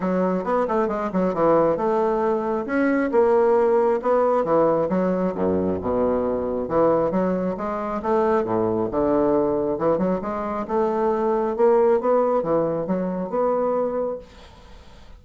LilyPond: \new Staff \with { instrumentName = "bassoon" } { \time 4/4 \tempo 4 = 135 fis4 b8 a8 gis8 fis8 e4 | a2 cis'4 ais4~ | ais4 b4 e4 fis4 | fis,4 b,2 e4 |
fis4 gis4 a4 a,4 | d2 e8 fis8 gis4 | a2 ais4 b4 | e4 fis4 b2 | }